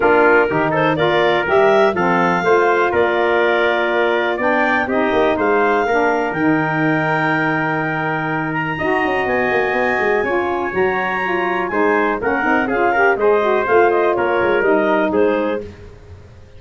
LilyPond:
<<
  \new Staff \with { instrumentName = "clarinet" } { \time 4/4 \tempo 4 = 123 ais'4. c''8 d''4 e''4 | f''2 d''2~ | d''4 g''4 dis''4 f''4~ | f''4 g''2.~ |
g''4. ais''4. gis''4~ | gis''2 ais''2 | gis''4 fis''4 f''4 dis''4 | f''8 dis''8 cis''4 dis''4 c''4 | }
  \new Staff \with { instrumentName = "trumpet" } { \time 4/4 f'4 g'8 a'8 ais'2 | a'4 c''4 ais'2~ | ais'4 d''4 g'4 c''4 | ais'1~ |
ais'2 dis''2~ | dis''4 cis''2. | c''4 ais'4 gis'8 ais'8 c''4~ | c''4 ais'2 gis'4 | }
  \new Staff \with { instrumentName = "saxophone" } { \time 4/4 d'4 dis'4 f'4 g'4 | c'4 f'2.~ | f'4 d'4 dis'2 | d'4 dis'2.~ |
dis'2 fis'2~ | fis'4 f'4 fis'4 f'4 | dis'4 cis'8 dis'8 f'8 g'8 gis'8 fis'8 | f'2 dis'2 | }
  \new Staff \with { instrumentName = "tuba" } { \time 4/4 ais4 dis4 ais4 g4 | f4 a4 ais2~ | ais4 b4 c'8 ais8 gis4 | ais4 dis2.~ |
dis2 dis'8 cis'8 b8 ais8 | b8 gis8 cis'4 fis2 | gis4 ais8 c'8 cis'4 gis4 | a4 ais8 gis8 g4 gis4 | }
>>